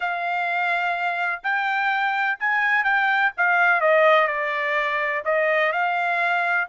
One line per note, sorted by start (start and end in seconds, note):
0.00 1.41 F5
1.43 2.38 G5
2.39 2.84 G#5
2.84 3.31 G5
3.37 3.80 F5
3.80 4.27 D#5
4.27 5.23 D5
5.24 5.72 D#5
5.72 6.67 F5